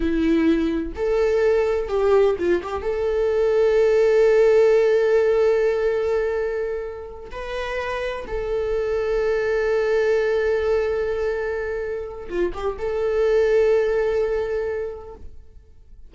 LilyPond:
\new Staff \with { instrumentName = "viola" } { \time 4/4 \tempo 4 = 127 e'2 a'2 | g'4 f'8 g'8 a'2~ | a'1~ | a'2.~ a'8 b'8~ |
b'4. a'2~ a'8~ | a'1~ | a'2 f'8 g'8 a'4~ | a'1 | }